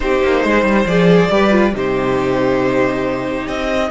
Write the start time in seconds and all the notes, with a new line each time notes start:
0.00 C4 D#4 G4 C5
0.23 A#3
0.43 G#3 C5
0.63 G3
0.85 F3 G#4 D5
1.30 G3 G4 B4
1.50 F4
1.73 C3 D#4 G4 C5
3.47 C4 D#5